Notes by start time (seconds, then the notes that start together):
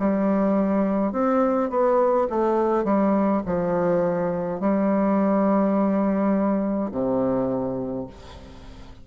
0.00 G3
1.13 C4
1.70 B3
2.30 A3
2.85 G3
3.46 F3
4.60 G3
6.92 C3